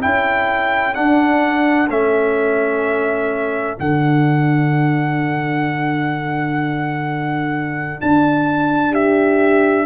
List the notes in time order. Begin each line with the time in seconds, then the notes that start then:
0.00 C#4 E4 A4 G5
0.94 D4 F#5
1.89 A3 C#4 E5
3.76 D3 D4 F#5
8.01 D4 A5
8.91 G4 E5